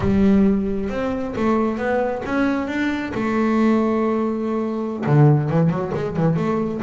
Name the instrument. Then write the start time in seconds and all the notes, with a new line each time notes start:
double bass
0.00 G3
0.89 C4
1.36 A3
1.77 B3
2.25 C#4
2.67 D4
3.14 A3
5.06 D3
5.49 E3
5.69 F#3
5.94 G#3
6.16 E3
6.36 A3